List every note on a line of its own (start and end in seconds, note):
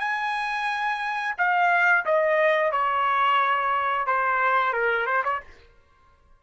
0.00 1.35 G#5
1.38 2.05 F5
2.06 2.72 D#5
2.72 4.07 C#5
4.07 4.73 C5
4.73 5.07 A#4
5.07 5.23 C5
5.24 5.41 C#5